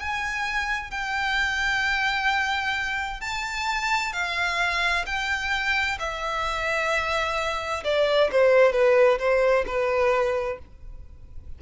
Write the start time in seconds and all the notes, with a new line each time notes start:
0.00 G#5
0.91 G5
3.21 A5
4.13 F5
5.06 G5
6.00 E5
7.85 D5
8.32 C5
8.73 B4
9.19 C5
9.67 B4